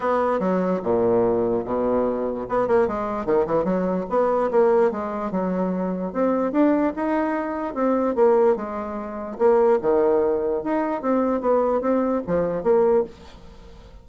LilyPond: \new Staff \with { instrumentName = "bassoon" } { \time 4/4 \tempo 4 = 147 b4 fis4 ais,2 | b,2 b8 ais8 gis4 | dis8 e8 fis4 b4 ais4 | gis4 fis2 c'4 |
d'4 dis'2 c'4 | ais4 gis2 ais4 | dis2 dis'4 c'4 | b4 c'4 f4 ais4 | }